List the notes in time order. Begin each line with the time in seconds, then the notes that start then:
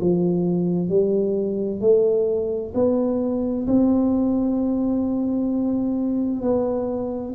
0.00 F3
0.89 G3
1.81 A3
2.74 B3
3.67 C4
6.42 B3